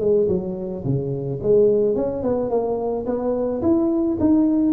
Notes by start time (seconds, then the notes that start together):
0.00 G#3
0.29 F#3
0.85 C#3
1.42 G#3
1.95 C#4
2.23 B3
2.50 A#3
3.06 B3
3.62 E4
4.20 D#4